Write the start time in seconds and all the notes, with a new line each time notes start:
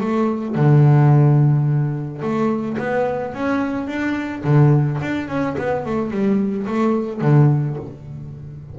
0.00 A3
0.55 D3
2.21 A3
2.78 B3
3.33 C#4
3.87 D4
4.43 D3
5.01 D4
5.28 C#4
5.58 B3
5.85 A3
6.11 G3
6.66 A3
7.21 D3